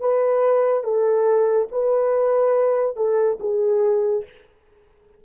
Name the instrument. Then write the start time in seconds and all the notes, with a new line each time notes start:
horn
0.00 B4
0.83 A4
1.72 B4
2.96 A4
3.40 G#4